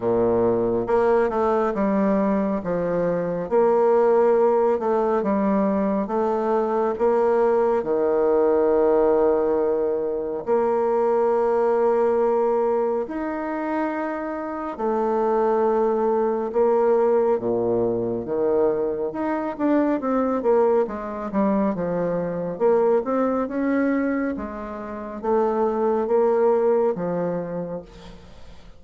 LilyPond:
\new Staff \with { instrumentName = "bassoon" } { \time 4/4 \tempo 4 = 69 ais,4 ais8 a8 g4 f4 | ais4. a8 g4 a4 | ais4 dis2. | ais2. dis'4~ |
dis'4 a2 ais4 | ais,4 dis4 dis'8 d'8 c'8 ais8 | gis8 g8 f4 ais8 c'8 cis'4 | gis4 a4 ais4 f4 | }